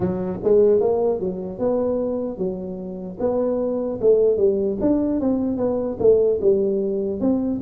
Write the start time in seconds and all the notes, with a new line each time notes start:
0.00 F#3
0.43 G#3
0.80 A#3
1.20 F#3
1.59 B3
2.37 F#3
3.19 B3
4.01 A3
4.37 G3
4.80 D4
5.20 C4
5.57 B3
5.99 A3
6.41 G3
7.20 C4